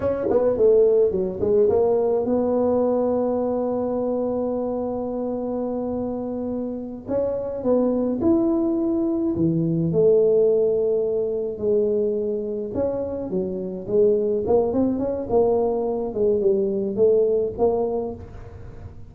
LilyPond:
\new Staff \with { instrumentName = "tuba" } { \time 4/4 \tempo 4 = 106 cis'8 b8 a4 fis8 gis8 ais4 | b1~ | b1~ | b8 cis'4 b4 e'4.~ |
e'8 e4 a2~ a8~ | a8 gis2 cis'4 fis8~ | fis8 gis4 ais8 c'8 cis'8 ais4~ | ais8 gis8 g4 a4 ais4 | }